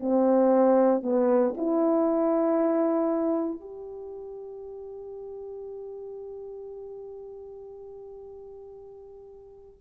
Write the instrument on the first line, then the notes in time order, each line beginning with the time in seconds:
horn
0.00 C4
1.03 B3
1.57 E4
3.60 G4